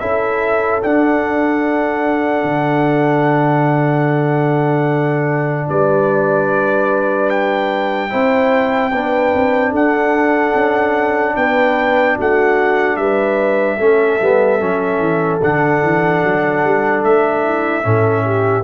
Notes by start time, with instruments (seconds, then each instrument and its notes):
0.00 tuba C#4, trombone E4, horn A4, trumpet E5
0.83 trombone D4, tuba D4, trumpet F#5
2.44 tuba D3
5.69 tuba G3, horn B4, trumpet D5
7.30 trumpet G5
8.10 tuba C4, trombone E4, horn C5
8.92 tuba B3, trombone D4, horn B4
9.34 tuba C4
9.72 tuba D4, horn A4, trumpet F#5
10.55 tuba C#4
11.36 tuba B3, horn B4, trumpet G5
12.16 tuba A3, horn F#4, trumpet F#5
12.97 tuba G3, horn B4, trumpet E5
13.77 tuba A3, trombone C#4, horn A4
14.21 tuba G3, trombone B3
14.60 tuba F#3, trombone C#4
14.99 tuba E3
15.42 tuba D3, trombone D4, trumpet F#5
15.83 tuba E3
16.24 tuba F#3
16.64 tuba G3
17.04 tuba A3, trumpet E5
17.44 horn E4
17.83 tuba A2, trombone C#4, horn A4
18.24 horn G4